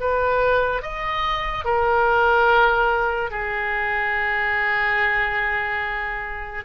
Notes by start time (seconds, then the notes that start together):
0.00 B4
0.82 D#5
1.64 A#4
3.31 G#4